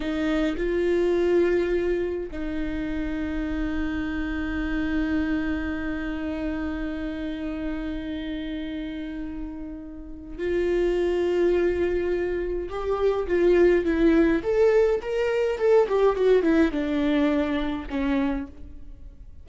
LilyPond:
\new Staff \with { instrumentName = "viola" } { \time 4/4 \tempo 4 = 104 dis'4 f'2. | dis'1~ | dis'1~ | dis'1~ |
dis'2 f'2~ | f'2 g'4 f'4 | e'4 a'4 ais'4 a'8 g'8 | fis'8 e'8 d'2 cis'4 | }